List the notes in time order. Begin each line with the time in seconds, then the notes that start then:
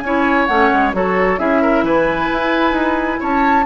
0.00 C#4 E4 C#5 G#5
0.46 A3 C#4 F#5
0.73 G#3
0.93 F#3 F#4 A4 C#5
1.37 C#4 E4 G#4 E5
1.62 A#4
1.83 E3 B4 G#5
2.32 E4
2.71 D#4
3.20 C#4 C#5 A5